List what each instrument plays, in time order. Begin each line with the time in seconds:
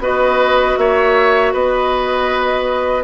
0.00 bassoon B3, clarinet F#4, oboe B4, flute D#5
0.78 bassoon A#3, oboe C#5, flute E5
1.53 bassoon B3, oboe B4, flute D#5